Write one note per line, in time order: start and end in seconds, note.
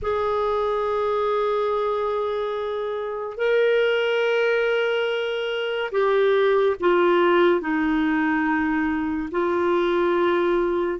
0.02 3.37 G#4
3.37 5.90 A#4
5.91 6.76 G4
6.80 7.60 F4
7.60 9.29 D#4
9.31 10.99 F4